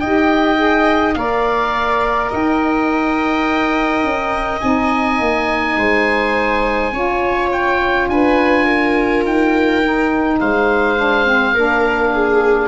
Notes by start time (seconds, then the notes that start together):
0.00 D#4 G4 D#5 G5
0.56 G#4
1.15 A#3 A#4 D5 F5
2.31 D#4 D#5 G5
4.04 C#4
4.61 C4 D#4 G#5
5.20 A#3
5.77 G#3 C5
6.93 C#4 F4 C#5
7.52 G5
8.09 D4 B4 G#5
8.66 A#4
9.24 D#4 G5
9.82 D#4
10.40 G#3 C5 F5
10.97 D4
11.26 C4
11.54 A#3 D4 A#4
12.13 G#4